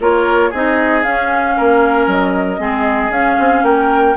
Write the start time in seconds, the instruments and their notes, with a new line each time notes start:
0.00 bassoon A#3, clarinet F4, oboe A#4, flute C#5
0.50 bassoon C4, clarinet D#4, oboe G#4, flute D#5
1.03 clarinet C#4, bassoon C#4, flute F5
1.57 bassoon A#3, oboe A#4
2.07 bassoon F#3, flute D#5
2.59 bassoon G#3, clarinet C4, oboe G#4
3.10 bassoon C#4, clarinet C#4, flute F5
3.39 bassoon C4
3.63 bassoon A#3, oboe A#4, flute G5